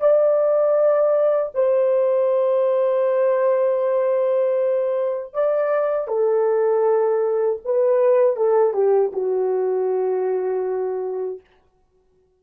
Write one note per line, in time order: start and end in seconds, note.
0.00 1.52 D5
1.55 5.34 C5
5.34 6.08 D5
6.08 7.59 A4
7.65 8.36 B4
8.36 8.74 A4
8.74 9.12 G4
9.13 11.41 F#4